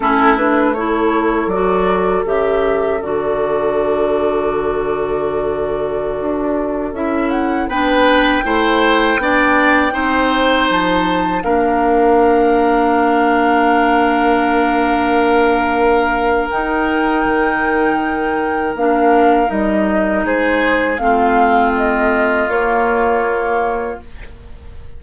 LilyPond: <<
  \new Staff \with { instrumentName = "flute" } { \time 4/4 \tempo 4 = 80 a'8 b'8 cis''4 d''4 e''4 | d''1~ | d''4~ d''16 e''8 fis''8 g''4.~ g''16~ | g''2~ g''16 a''4 f''8.~ |
f''1~ | f''2 g''2~ | g''4 f''4 dis''4 c''4 | f''4 dis''4 cis''2 | }
  \new Staff \with { instrumentName = "oboe" } { \time 4/4 e'4 a'2.~ | a'1~ | a'2~ a'16 b'4 c''8.~ | c''16 d''4 c''2 ais'8.~ |
ais'1~ | ais'1~ | ais'2. gis'4 | f'1 | }
  \new Staff \with { instrumentName = "clarinet" } { \time 4/4 cis'8 d'8 e'4 fis'4 g'4 | fis'1~ | fis'4~ fis'16 e'4 d'4 e'8.~ | e'16 d'4 dis'2 d'8.~ |
d'1~ | d'2 dis'2~ | dis'4 d'4 dis'2 | c'2 ais2 | }
  \new Staff \with { instrumentName = "bassoon" } { \time 4/4 a2 fis4 cis4 | d1~ | d16 d'4 cis'4 b4 a8.~ | a16 b4 c'4 f4 ais8.~ |
ais1~ | ais2 dis'4 dis4~ | dis4 ais4 g4 gis4 | a2 ais2 | }
>>